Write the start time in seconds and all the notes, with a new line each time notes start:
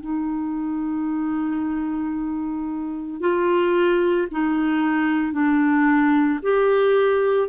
0.00 D#4
3.20 F4
4.31 D#4
5.32 D4
6.42 G4